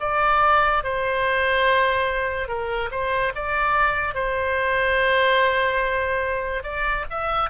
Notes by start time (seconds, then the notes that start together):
0.00 D5
0.83 C5
2.48 A#4
2.91 C5
3.35 D5
4.14 C5
6.63 D5
7.09 E5